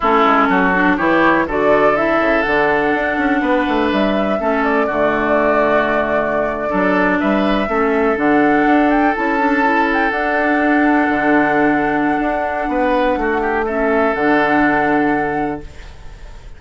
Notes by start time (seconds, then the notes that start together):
0.00 A3 C#4 E4 A4
0.25 G#3
0.48 F#3 F#4
0.74 D4
0.96 E3 E4 G4 C#5
1.46 D3 F#4 A4 D5
1.96 E4 E5
2.19 C#3
2.42 D3 D4 F#5
2.94 D4
3.17 C#4
3.41 B3 B4
3.68 A3
3.91 G3 E5
4.39 A3 C#4 A4
4.63 D5
4.86 D3 A3 F#4
6.69 F#3 D4 A4
7.19 G3 B4 E5
7.67 A3 C#4 A4
8.16 D3 D4 F#5
8.66 D4
8.90 G5
9.14 C#4 E4 A5
9.37 D4
9.63 E4
9.92 G5
10.10 D4 F#5
11.09 D3
12.19 D4
12.68 B3 B4
13.16 A3 F#4
13.40 G4
13.65 C#4 A4 E5
14.14 D3 D4 F#5